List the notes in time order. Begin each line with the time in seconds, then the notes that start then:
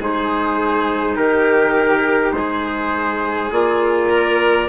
0.00 G#3 D#4 G#4 C5
1.16 D#3 G4 A#4
2.33 G#3 G#4 C5
3.52 A#3 F4 D5
4.10 A#4